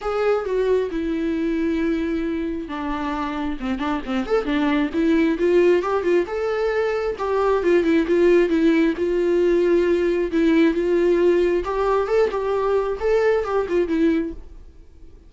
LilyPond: \new Staff \with { instrumentName = "viola" } { \time 4/4 \tempo 4 = 134 gis'4 fis'4 e'2~ | e'2 d'2 | c'8 d'8 c'8 a'8 d'4 e'4 | f'4 g'8 f'8 a'2 |
g'4 f'8 e'8 f'4 e'4 | f'2. e'4 | f'2 g'4 a'8 g'8~ | g'4 a'4 g'8 f'8 e'4 | }